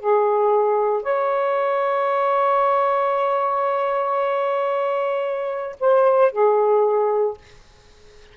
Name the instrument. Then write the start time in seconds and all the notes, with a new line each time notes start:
saxophone
0.00 G#4
1.03 C#5
5.80 C5
6.33 G#4